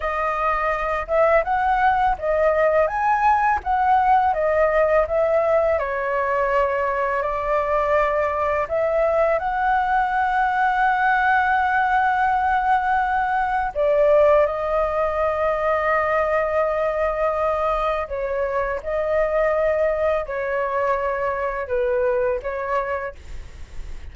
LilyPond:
\new Staff \with { instrumentName = "flute" } { \time 4/4 \tempo 4 = 83 dis''4. e''8 fis''4 dis''4 | gis''4 fis''4 dis''4 e''4 | cis''2 d''2 | e''4 fis''2.~ |
fis''2. d''4 | dis''1~ | dis''4 cis''4 dis''2 | cis''2 b'4 cis''4 | }